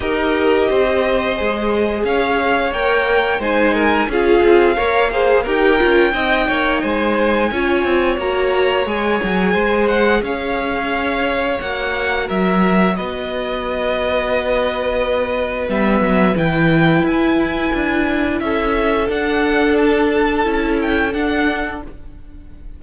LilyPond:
<<
  \new Staff \with { instrumentName = "violin" } { \time 4/4 \tempo 4 = 88 dis''2. f''4 | g''4 gis''4 f''2 | g''2 gis''2 | ais''4 gis''4. fis''8 f''4~ |
f''4 fis''4 e''4 dis''4~ | dis''2. e''4 | g''4 gis''2 e''4 | fis''4 a''4. g''8 fis''4 | }
  \new Staff \with { instrumentName = "violin" } { \time 4/4 ais'4 c''2 cis''4~ | cis''4 c''8 ais'8 gis'4 cis''8 c''8 | ais'4 dis''8 cis''8 c''4 cis''4~ | cis''2 c''4 cis''4~ |
cis''2 ais'4 b'4~ | b'1~ | b'2. a'4~ | a'1 | }
  \new Staff \with { instrumentName = "viola" } { \time 4/4 g'2 gis'2 | ais'4 dis'4 f'4 ais'8 gis'8 | g'8 f'8 dis'2 f'4 | fis'4 gis'2.~ |
gis'4 fis'2.~ | fis'2. b4 | e'1 | d'2 e'4 d'4 | }
  \new Staff \with { instrumentName = "cello" } { \time 4/4 dis'4 c'4 gis4 cis'4 | ais4 gis4 cis'8 c'8 ais4 | dis'8 cis'8 c'8 ais8 gis4 cis'8 c'8 | ais4 gis8 fis8 gis4 cis'4~ |
cis'4 ais4 fis4 b4~ | b2. g8 fis8 | e4 e'4 d'4 cis'4 | d'2 cis'4 d'4 | }
>>